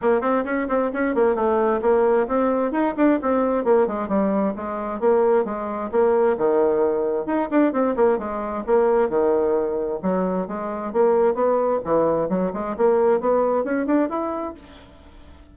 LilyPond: \new Staff \with { instrumentName = "bassoon" } { \time 4/4 \tempo 4 = 132 ais8 c'8 cis'8 c'8 cis'8 ais8 a4 | ais4 c'4 dis'8 d'8 c'4 | ais8 gis8 g4 gis4 ais4 | gis4 ais4 dis2 |
dis'8 d'8 c'8 ais8 gis4 ais4 | dis2 fis4 gis4 | ais4 b4 e4 fis8 gis8 | ais4 b4 cis'8 d'8 e'4 | }